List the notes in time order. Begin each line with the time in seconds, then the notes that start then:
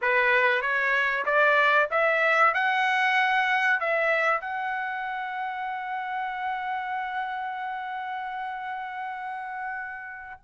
0.01 B4
0.61 C#5
1.25 D5
1.90 E5
2.53 F#5
3.80 E5
4.40 F#5